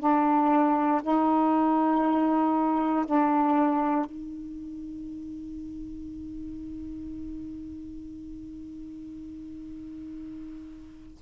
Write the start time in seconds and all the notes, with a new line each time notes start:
0.00 D4
1.02 D#4
3.06 D4
4.05 D#4